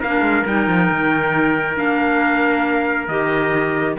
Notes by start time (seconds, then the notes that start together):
0.00 A#3 D4 A#4 F5
0.21 G#3
0.46 G3 D#4 G5
0.68 F3
0.91 D#3
1.75 A#3 D4 F5
3.08 D#3 G4 D#5